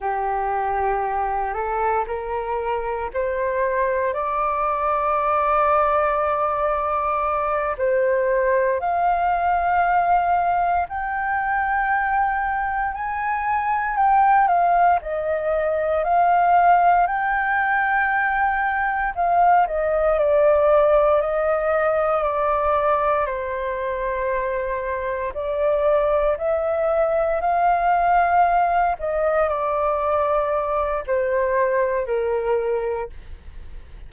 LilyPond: \new Staff \with { instrumentName = "flute" } { \time 4/4 \tempo 4 = 58 g'4. a'8 ais'4 c''4 | d''2.~ d''8 c''8~ | c''8 f''2 g''4.~ | g''8 gis''4 g''8 f''8 dis''4 f''8~ |
f''8 g''2 f''8 dis''8 d''8~ | d''8 dis''4 d''4 c''4.~ | c''8 d''4 e''4 f''4. | dis''8 d''4. c''4 ais'4 | }